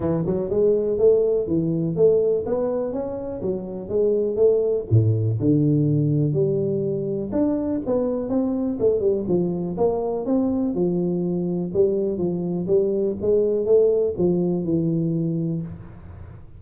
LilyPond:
\new Staff \with { instrumentName = "tuba" } { \time 4/4 \tempo 4 = 123 e8 fis8 gis4 a4 e4 | a4 b4 cis'4 fis4 | gis4 a4 a,4 d4~ | d4 g2 d'4 |
b4 c'4 a8 g8 f4 | ais4 c'4 f2 | g4 f4 g4 gis4 | a4 f4 e2 | }